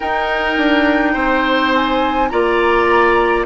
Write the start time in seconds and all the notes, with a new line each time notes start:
0.00 D#4 A#4 G5
0.57 D4
1.13 C4 C5
1.75 G#5
2.29 A#3 F4 D5 A#5